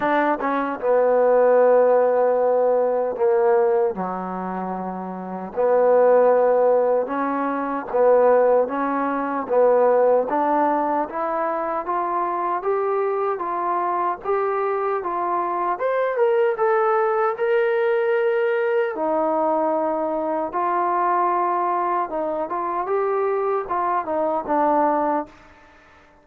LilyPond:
\new Staff \with { instrumentName = "trombone" } { \time 4/4 \tempo 4 = 76 d'8 cis'8 b2. | ais4 fis2 b4~ | b4 cis'4 b4 cis'4 | b4 d'4 e'4 f'4 |
g'4 f'4 g'4 f'4 | c''8 ais'8 a'4 ais'2 | dis'2 f'2 | dis'8 f'8 g'4 f'8 dis'8 d'4 | }